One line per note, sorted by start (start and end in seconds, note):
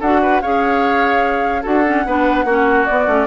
0.00 0.42 D4
0.00 0.43 F#4
0.00 0.21 A4
0.00 0.41 F#5
0.23 0.42 B4
0.41 1.65 C#4
0.41 1.63 G#4
0.41 1.63 C#5
0.41 1.64 F5
1.63 2.06 D4
1.63 1.84 F#4
1.63 2.04 A4
1.63 2.86 F#5
1.86 2.06 C#4
2.06 2.45 B3
2.06 2.47 D4
2.06 2.45 B4
2.45 2.86 A#3
2.45 2.88 C#4
2.45 3.27 F#4
2.86 3.07 B3
2.86 3.27 D5
3.07 3.27 A3
3.07 3.27 C#4